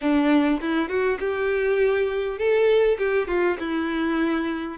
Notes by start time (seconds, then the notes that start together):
0.01 D4
0.61 E4
0.88 F#4
1.19 G4
2.38 A4
2.98 G4
3.27 F4
3.59 E4